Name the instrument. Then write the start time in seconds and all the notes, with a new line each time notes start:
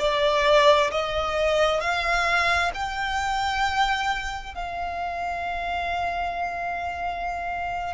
violin
0.00 D5
0.91 D#5
1.81 F5
2.75 G5
4.55 F5